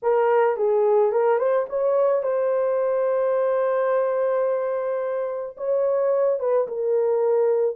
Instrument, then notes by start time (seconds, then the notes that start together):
horn
0.02 A#4
0.56 G#4
1.12 A#4
1.38 C5
1.69 C#5
2.22 C5
5.57 C#5
6.39 B4
6.67 A#4